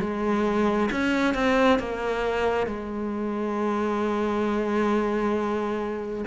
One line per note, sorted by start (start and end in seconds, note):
0.00 0.90 G#3
0.91 1.34 C#4
1.34 1.79 C4
1.79 2.67 A#3
2.67 6.25 G#3